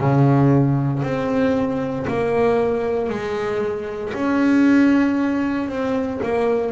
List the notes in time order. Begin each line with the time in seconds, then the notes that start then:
0.00 C#3
1.03 C4
2.08 A#3
3.10 G#3
4.14 C#4
5.69 C4
6.23 A#3